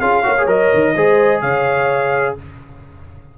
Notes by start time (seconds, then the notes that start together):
0.00 C#4 F4 G#4 F5
0.23 A#3 F#4 C#5
0.38 G#4
0.47 F#3 A#4 D#5
0.73 D#3
0.95 G#3 G#4 C5
1.42 C#3 C#5 F5